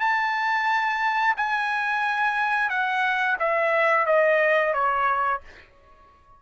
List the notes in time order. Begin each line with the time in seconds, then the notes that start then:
0.00 A5
1.37 G#5
2.69 F#5
3.39 E5
4.06 D#5
4.73 C#5